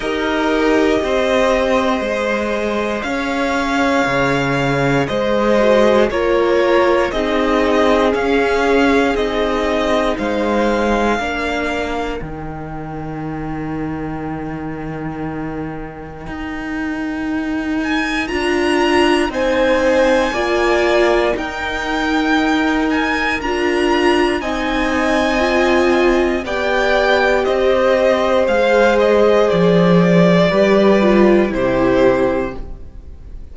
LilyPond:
<<
  \new Staff \with { instrumentName = "violin" } { \time 4/4 \tempo 4 = 59 dis''2. f''4~ | f''4 dis''4 cis''4 dis''4 | f''4 dis''4 f''2 | g''1~ |
g''4. gis''8 ais''4 gis''4~ | gis''4 g''4. gis''8 ais''4 | gis''2 g''4 dis''4 | f''8 dis''8 d''2 c''4 | }
  \new Staff \with { instrumentName = "violin" } { \time 4/4 ais'4 c''2 cis''4~ | cis''4 c''4 ais'4 gis'4~ | gis'2 c''4 ais'4~ | ais'1~ |
ais'2. c''4 | d''4 ais'2. | dis''2 d''4 c''4~ | c''2 b'4 g'4 | }
  \new Staff \with { instrumentName = "viola" } { \time 4/4 g'2 gis'2~ | gis'4. fis'8 f'4 dis'4 | cis'4 dis'2 d'4 | dis'1~ |
dis'2 f'4 dis'4 | f'4 dis'2 f'4 | dis'4 f'4 g'2 | gis'2 g'8 f'8 e'4 | }
  \new Staff \with { instrumentName = "cello" } { \time 4/4 dis'4 c'4 gis4 cis'4 | cis4 gis4 ais4 c'4 | cis'4 c'4 gis4 ais4 | dis1 |
dis'2 d'4 c'4 | ais4 dis'2 d'4 | c'2 b4 c'4 | gis4 f4 g4 c4 | }
>>